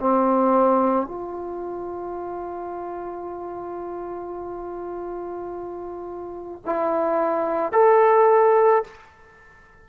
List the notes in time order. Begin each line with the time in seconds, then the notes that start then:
0.00 C4
1.07 F4
6.66 E4
7.73 A4